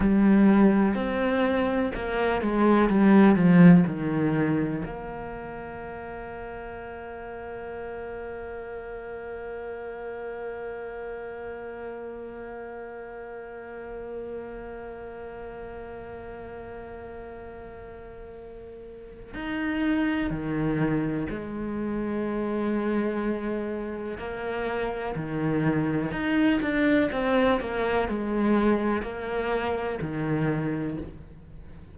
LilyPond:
\new Staff \with { instrumentName = "cello" } { \time 4/4 \tempo 4 = 62 g4 c'4 ais8 gis8 g8 f8 | dis4 ais2.~ | ais1~ | ais1~ |
ais1 | dis'4 dis4 gis2~ | gis4 ais4 dis4 dis'8 d'8 | c'8 ais8 gis4 ais4 dis4 | }